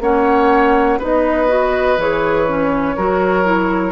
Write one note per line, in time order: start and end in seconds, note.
0.00 0.98 A#3
0.00 1.00 C#4
0.00 0.99 C#5
0.00 1.00 F#5
0.99 1.97 B3
0.99 1.47 D#4
0.99 2.95 B4
0.99 2.00 D#5
1.47 1.96 F#4
1.97 2.95 E3
1.97 2.47 G#4
1.97 3.92 C#5
2.47 2.97 C#4
2.96 3.92 F#3
2.96 3.44 F#4
2.96 3.92 A#4
3.44 3.92 E4